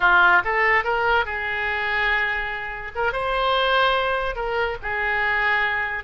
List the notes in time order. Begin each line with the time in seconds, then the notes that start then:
0.00 F4
0.44 A4
0.84 A#4
1.25 G#4
2.95 A#4
3.12 C5
4.35 A#4
4.82 G#4